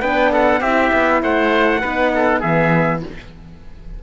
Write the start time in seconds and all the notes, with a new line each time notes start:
0.00 B3 D4 B4 G5
0.31 A4 F#5
0.60 C4 E4 G4 E5
0.93 B3
1.22 A3 C5 F#5
1.80 B3 D#4 B4
2.14 A4
2.40 E3 B3 G#4 E5